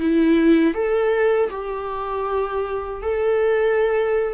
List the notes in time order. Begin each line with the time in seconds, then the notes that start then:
0.00 E4
0.74 A4
1.51 G4
3.02 A4